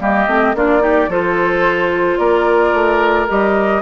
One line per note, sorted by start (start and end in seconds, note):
0.00 0.27 G3
0.00 0.27 A#3
0.00 0.56 G4
0.00 0.56 D#5
0.27 0.54 A3
0.27 0.55 C4
0.54 1.08 A#3
0.54 0.80 D4
0.54 0.82 F4
0.54 1.11 D5
0.80 1.07 D#4
0.80 1.10 G4
1.08 2.17 F3
1.08 3.28 F4
1.08 2.19 A4
1.08 2.18 C5
2.18 2.73 A#3
2.18 3.82 A#4
2.18 3.27 D5
2.73 3.28 A3
3.28 3.82 G3
3.28 3.82 G4
3.28 3.82 D#5